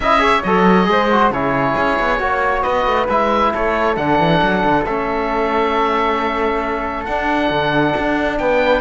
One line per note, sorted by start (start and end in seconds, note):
0.00 0.42 C#4
0.00 0.19 E4
0.00 0.22 D#5
0.00 0.42 E5
0.19 0.41 G#4
0.19 0.88 C#5
0.43 0.88 F#3
0.43 0.84 A4
0.43 1.31 D#5
0.84 1.30 G#3
0.84 1.06 G#4
0.91 1.31 C5
1.11 1.33 F#4
1.30 1.74 C#3
1.30 2.18 E4
1.30 2.20 G#4
1.30 2.61 C#5
1.77 1.99 C#4
1.99 2.19 B3
2.18 2.63 A#3
2.18 3.07 F#4
2.18 2.63 C#5
2.61 2.86 B3
2.61 3.51 B4
2.61 3.06 D#5
2.86 3.08 A3
3.09 3.53 G#3
3.09 3.96 E4
3.09 3.53 E5
3.53 3.97 A3
3.53 8.38 A4
3.53 3.96 C#5
3.96 4.18 D3
3.96 4.84 D4
3.96 4.84 F#5
4.18 4.40 E3
4.42 4.63 F#3
4.63 4.85 D3
4.85 7.07 A3
4.85 7.07 C#4
4.85 7.05 E5
7.05 8.81 D4
7.05 7.50 D4
7.05 8.37 F#5
7.50 7.94 D3
7.97 8.39 D4
8.38 8.81 B3
8.38 8.81 B4
8.38 8.81 G5